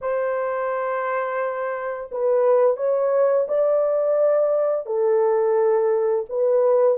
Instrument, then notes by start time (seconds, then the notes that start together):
horn
0.01 C5
2.11 B4
2.77 C#5
3.48 D5
4.86 A4
6.29 B4